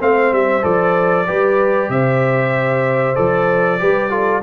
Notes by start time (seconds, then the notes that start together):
0.00 A3 C4 C5 F5
0.32 G3 E5
0.62 F3 A4 D5
1.27 G3 G4 B4
1.89 C3 C5 E5
3.15 F3 A4 D5
3.79 G3 G4 B4
4.10 F4 A4